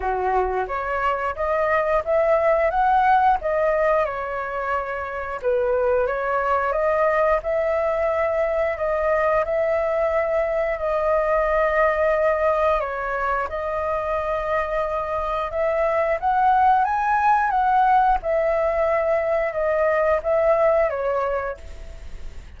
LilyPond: \new Staff \with { instrumentName = "flute" } { \time 4/4 \tempo 4 = 89 fis'4 cis''4 dis''4 e''4 | fis''4 dis''4 cis''2 | b'4 cis''4 dis''4 e''4~ | e''4 dis''4 e''2 |
dis''2. cis''4 | dis''2. e''4 | fis''4 gis''4 fis''4 e''4~ | e''4 dis''4 e''4 cis''4 | }